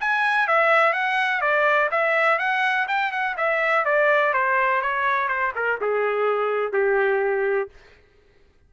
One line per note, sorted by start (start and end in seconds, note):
0.00 0.47 G#5
0.47 0.93 E5
0.93 1.41 F#5
1.41 1.89 D5
1.91 2.38 E5
2.38 2.87 F#5
2.88 3.11 G5
3.11 3.36 F#5
3.37 3.85 E5
3.85 4.33 D5
4.33 4.82 C5
4.82 5.28 C#5
5.28 5.52 C5
5.55 5.79 A#4
5.81 6.73 G#4
6.73 7.69 G4